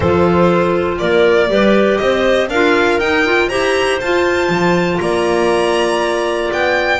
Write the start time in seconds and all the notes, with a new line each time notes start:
0.00 F3 F4 A4 C5
0.98 A#3 A#4 D5
1.48 G3 G4 B4
1.97 C4 C5 D#5
2.48 D4 F4 A#4 F5
2.98 D#4 G5
3.25 F4
3.48 E4 G4 C5 A#5
4.00 F4 A5
4.48 F3
5.00 A#3 D5 A#5
6.52 B3 G5